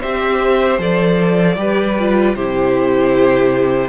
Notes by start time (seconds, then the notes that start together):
0.00 C4 G4 C5 E5
0.79 F3 A4 D5
1.56 G3 G4 B4
1.99 F4
2.35 C3 E4 G4 C5